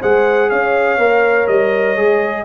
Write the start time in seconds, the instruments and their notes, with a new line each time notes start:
0.00 tuba G#3, trombone G#4, horn C5, trumpet F#5
0.49 tuba C#4, horn C#5, trumpet F5
0.98 tuba A#3, trombone A#4
1.47 tuba G3, trumpet D#5
1.96 tuba G#3, trombone G#4